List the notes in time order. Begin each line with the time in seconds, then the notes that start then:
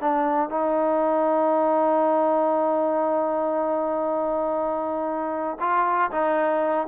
0.00 D4
0.49 D#4
5.60 F4
6.11 D#4